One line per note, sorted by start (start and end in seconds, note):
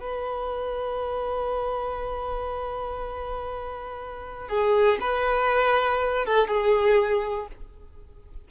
0.00 4.48 B4
4.48 4.98 G#4
5.00 6.25 B4
6.25 6.47 A4
6.47 7.47 G#4